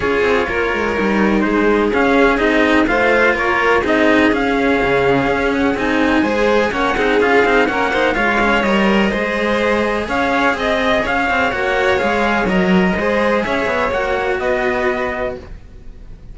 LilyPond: <<
  \new Staff \with { instrumentName = "trumpet" } { \time 4/4 \tempo 4 = 125 cis''2. c''4 | f''4 dis''4 f''4 cis''4 | dis''4 f''2~ f''8 fis''8 | gis''2 fis''4 f''4 |
fis''4 f''4 dis''2~ | dis''4 f''4 dis''4 f''4 | fis''4 f''4 dis''2 | e''4 fis''4 dis''2 | }
  \new Staff \with { instrumentName = "violin" } { \time 4/4 gis'4 ais'2 gis'4~ | gis'2 c''4 ais'4 | gis'1~ | gis'4 c''4 cis''8 gis'4. |
ais'8 c''8 cis''2 c''4~ | c''4 cis''4 dis''4 cis''4~ | cis''2. c''4 | cis''2 b'2 | }
  \new Staff \with { instrumentName = "cello" } { \time 4/4 f'2 dis'2 | cis'4 dis'4 f'2 | dis'4 cis'2. | dis'4 gis'4 cis'8 dis'8 f'8 dis'8 |
cis'8 dis'8 f'8 cis'8 ais'4 gis'4~ | gis'1 | fis'4 gis'4 ais'4 gis'4~ | gis'4 fis'2. | }
  \new Staff \with { instrumentName = "cello" } { \time 4/4 cis'8 c'8 ais8 gis8 g4 gis4 | cis'4 c'4 a4 ais4 | c'4 cis'4 cis4 cis'4 | c'4 gis4 ais8 c'8 cis'8 c'8 |
ais4 gis4 g4 gis4~ | gis4 cis'4 c'4 cis'8 c'8 | ais4 gis4 fis4 gis4 | cis'8 b8 ais4 b2 | }
>>